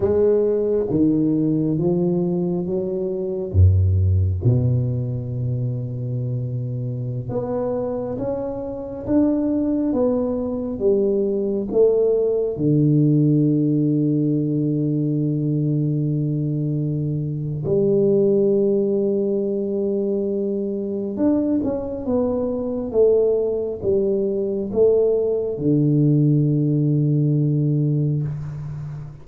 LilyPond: \new Staff \with { instrumentName = "tuba" } { \time 4/4 \tempo 4 = 68 gis4 dis4 f4 fis4 | fis,4 b,2.~ | b,16 b4 cis'4 d'4 b8.~ | b16 g4 a4 d4.~ d16~ |
d1 | g1 | d'8 cis'8 b4 a4 g4 | a4 d2. | }